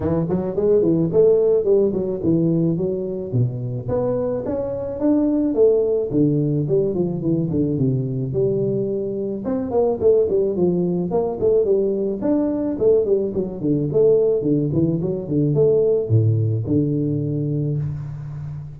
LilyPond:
\new Staff \with { instrumentName = "tuba" } { \time 4/4 \tempo 4 = 108 e8 fis8 gis8 e8 a4 g8 fis8 | e4 fis4 b,4 b4 | cis'4 d'4 a4 d4 | g8 f8 e8 d8 c4 g4~ |
g4 c'8 ais8 a8 g8 f4 | ais8 a8 g4 d'4 a8 g8 | fis8 d8 a4 d8 e8 fis8 d8 | a4 a,4 d2 | }